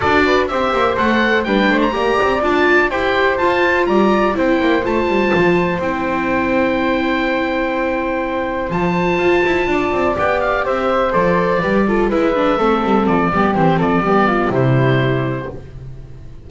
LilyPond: <<
  \new Staff \with { instrumentName = "oboe" } { \time 4/4 \tempo 4 = 124 d''4 e''4 fis''4 g''8. ais''16~ | ais''4 a''4 g''4 a''4 | ais''4 g''4 a''2 | g''1~ |
g''2 a''2~ | a''4 g''8 f''8 e''4 d''4~ | d''4 e''2 d''4 | c''8 d''4. c''2 | }
  \new Staff \with { instrumentName = "flute" } { \time 4/4 a'8 b'8 c''2 b'8 c''8 | d''2 c''2 | d''4 c''2.~ | c''1~ |
c''1 | d''2 c''2 | b'8 a'8 b'4 a'4. g'8~ | g'8 a'8 g'8 f'8 e'2 | }
  \new Staff \with { instrumentName = "viola" } { \time 4/4 fis'4 g'4 a'4 d'4 | g'4 f'4 g'4 f'4~ | f'4 e'4 f'2 | e'1~ |
e'2 f'2~ | f'4 g'2 a'4 | g'8 f'8 e'8 d'8 c'4. b8 | c'4 b4 g2 | }
  \new Staff \with { instrumentName = "double bass" } { \time 4/4 d'4 c'8 ais8 a4 g8 a8 | ais8 c'8 d'4 e'4 f'4 | g4 c'8 ais8 a8 g8 f4 | c'1~ |
c'2 f4 f'8 e'8 | d'8 c'8 b4 c'4 f4 | g4 gis4 a8 g8 f8 g8 | e8 f8 g4 c2 | }
>>